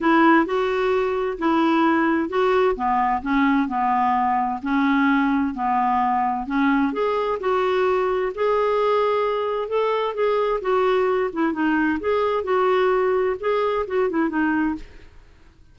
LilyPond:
\new Staff \with { instrumentName = "clarinet" } { \time 4/4 \tempo 4 = 130 e'4 fis'2 e'4~ | e'4 fis'4 b4 cis'4 | b2 cis'2 | b2 cis'4 gis'4 |
fis'2 gis'2~ | gis'4 a'4 gis'4 fis'4~ | fis'8 e'8 dis'4 gis'4 fis'4~ | fis'4 gis'4 fis'8 e'8 dis'4 | }